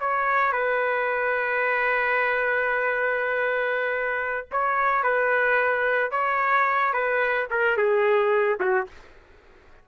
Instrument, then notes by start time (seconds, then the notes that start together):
trumpet
0.00 C#5
0.52 B4
4.51 C#5
5.03 B4
6.11 C#5
6.93 B4
7.50 A#4
7.77 G#4
8.60 F#4